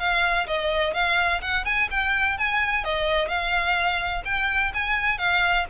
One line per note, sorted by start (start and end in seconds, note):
0.00 0.47 F5
0.47 0.94 D#5
0.94 1.42 F5
1.42 1.65 F#5
1.65 1.89 G#5
1.91 2.38 G5
2.38 2.85 G#5
2.85 3.29 D#5
3.29 4.23 F5
4.26 4.73 G5
4.74 5.19 G#5
5.19 5.66 F5